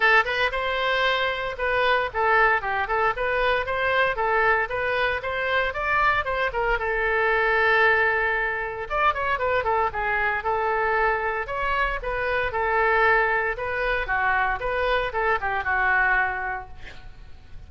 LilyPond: \new Staff \with { instrumentName = "oboe" } { \time 4/4 \tempo 4 = 115 a'8 b'8 c''2 b'4 | a'4 g'8 a'8 b'4 c''4 | a'4 b'4 c''4 d''4 | c''8 ais'8 a'2.~ |
a'4 d''8 cis''8 b'8 a'8 gis'4 | a'2 cis''4 b'4 | a'2 b'4 fis'4 | b'4 a'8 g'8 fis'2 | }